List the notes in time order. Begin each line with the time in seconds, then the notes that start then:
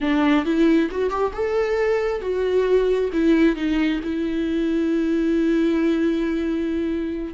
0.00 D4
0.45 E4
0.91 F#4
1.09 G4
1.33 A4
2.21 F#4
3.13 E4
3.56 D#4
4.03 E4